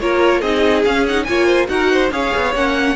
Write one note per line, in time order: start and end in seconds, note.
0.00 0.42 A#3
0.00 0.43 F4
0.00 0.40 A#4
0.00 0.42 C#5
0.40 0.85 C4
0.40 0.86 D#4
0.40 1.25 G#4
0.40 0.84 D#5
0.85 1.28 C#4
0.85 1.08 C#4
0.85 1.06 F5
1.08 1.28 D#4
1.08 1.24 F#5
1.24 1.68 A#3
1.24 1.67 F4
1.24 1.47 C#5
1.24 1.67 G#5
1.47 1.68 C5
1.67 2.11 D#4
1.67 2.10 F#4
1.67 1.92 A#4
1.67 2.11 F#5
1.92 2.13 C5
2.11 2.32 C#4
2.11 2.54 G#4
2.11 2.96 C#5
2.11 2.55 F5
2.36 2.55 B3
2.55 2.96 A#3
2.55 2.96 C#4
2.55 2.96 F#5